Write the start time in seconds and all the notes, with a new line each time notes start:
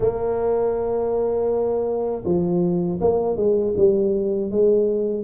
0.00 A#3
2.24 F3
3.00 A#3
3.36 G#3
3.76 G3
4.50 G#3